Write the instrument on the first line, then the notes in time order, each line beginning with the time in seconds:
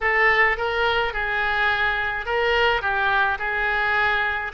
oboe
0.01 A4
0.57 A#4
1.13 G#4
2.25 A#4
2.81 G4
3.39 G#4